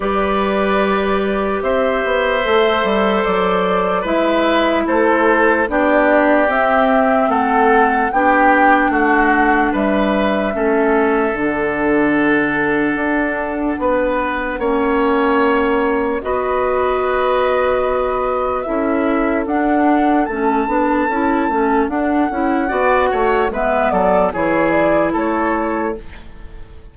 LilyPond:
<<
  \new Staff \with { instrumentName = "flute" } { \time 4/4 \tempo 4 = 74 d''2 e''2 | d''4 e''4 c''4 d''4 | e''4 fis''4 g''4 fis''4 | e''2 fis''2~ |
fis''1 | dis''2. e''4 | fis''4 a''2 fis''4~ | fis''4 e''8 d''8 cis''8 d''8 cis''4 | }
  \new Staff \with { instrumentName = "oboe" } { \time 4/4 b'2 c''2~ | c''4 b'4 a'4 g'4~ | g'4 a'4 g'4 fis'4 | b'4 a'2.~ |
a'4 b'4 cis''2 | b'2. a'4~ | a'1 | d''8 cis''8 b'8 a'8 gis'4 a'4 | }
  \new Staff \with { instrumentName = "clarinet" } { \time 4/4 g'2. a'4~ | a'4 e'2 d'4 | c'2 d'2~ | d'4 cis'4 d'2~ |
d'2 cis'2 | fis'2. e'4 | d'4 cis'8 d'8 e'8 cis'8 d'8 e'8 | fis'4 b4 e'2 | }
  \new Staff \with { instrumentName = "bassoon" } { \time 4/4 g2 c'8 b8 a8 g8 | fis4 gis4 a4 b4 | c'4 a4 b4 a4 | g4 a4 d2 |
d'4 b4 ais2 | b2. cis'4 | d'4 a8 b8 cis'8 a8 d'8 cis'8 | b8 a8 gis8 fis8 e4 a4 | }
>>